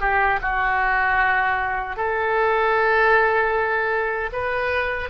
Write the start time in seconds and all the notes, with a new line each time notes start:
0.00 G4
0.41 F#4
1.96 A4
4.32 B4